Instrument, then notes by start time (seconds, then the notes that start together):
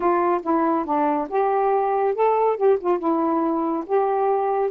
saxophone
0.00 F4
0.42 E4
0.85 D4
1.29 G4
2.14 A4
2.56 G4
2.80 F4
2.98 E4
3.86 G4